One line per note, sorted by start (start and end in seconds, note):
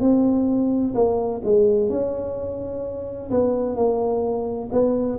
0.00 0.94 C4
0.94 1.41 A#3
1.44 1.90 G#3
1.90 3.30 C#4
3.31 3.75 B3
3.75 4.69 A#3
4.72 5.19 B3